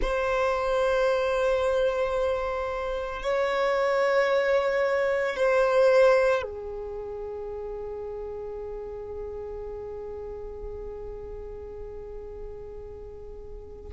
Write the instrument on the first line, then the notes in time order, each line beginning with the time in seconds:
violin
0.01 C5
3.22 C#5
5.36 C5
6.42 G#4